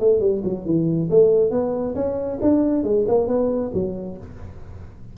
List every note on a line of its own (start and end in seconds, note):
0.00 0.20 A3
0.20 0.42 G3
0.44 0.65 F#3
0.65 1.09 E3
1.11 1.51 A3
1.51 1.95 B3
1.95 2.39 C#4
2.42 2.84 D4
2.84 3.06 G#3
3.08 3.28 A#3
3.28 3.71 B3
3.74 4.18 F#3